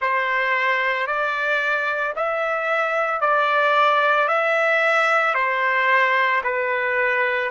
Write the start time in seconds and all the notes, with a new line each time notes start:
0.01 C5
1.06 D5
2.15 E5
3.20 D5
4.28 E5
5.34 C5
6.43 B4